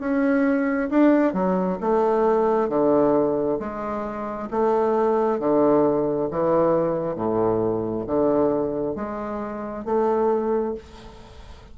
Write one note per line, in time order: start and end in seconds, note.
0.00 0.90 C#4
0.90 1.33 D4
1.33 1.78 F#3
1.80 2.69 A3
2.69 3.59 D3
3.59 4.49 G#3
4.50 5.39 A3
5.39 6.29 D3
6.31 7.15 E3
7.15 8.05 A2
8.06 8.96 D3
8.96 9.85 G#3
9.85 10.75 A3